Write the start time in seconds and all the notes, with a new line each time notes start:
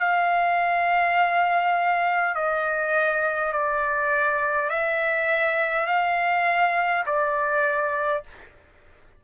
0.00 F5
2.35 D#5
3.53 D5
4.70 E5
5.87 F5
7.06 D5